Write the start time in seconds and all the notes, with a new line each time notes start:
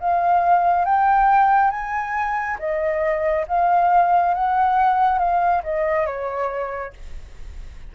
0.00 F5
0.85 G5
1.71 G#5
2.59 D#5
3.48 F5
4.34 F#5
5.19 F5
5.64 D#5
6.06 C#5